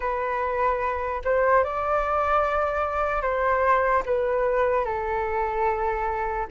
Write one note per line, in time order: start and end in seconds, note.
0.00 1.22 B4
1.24 1.64 C5
1.64 3.21 D5
3.21 4.02 C5
4.05 4.84 B4
4.84 6.46 A4